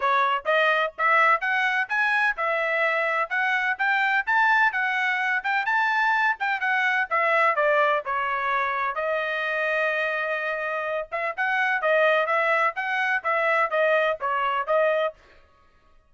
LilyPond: \new Staff \with { instrumentName = "trumpet" } { \time 4/4 \tempo 4 = 127 cis''4 dis''4 e''4 fis''4 | gis''4 e''2 fis''4 | g''4 a''4 fis''4. g''8 | a''4. g''8 fis''4 e''4 |
d''4 cis''2 dis''4~ | dis''2.~ dis''8 e''8 | fis''4 dis''4 e''4 fis''4 | e''4 dis''4 cis''4 dis''4 | }